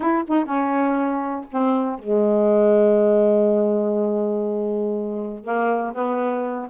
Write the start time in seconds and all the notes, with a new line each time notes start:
0.00 E4
0.27 D#4
0.45 C#4
1.51 C4
1.98 G#3
5.43 A#3
5.94 B3